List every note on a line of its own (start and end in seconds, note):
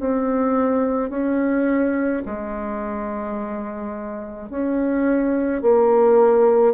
0.00 1.10 C4
1.10 2.23 C#4
2.26 4.50 G#3
4.50 5.62 C#4
5.62 6.74 A#3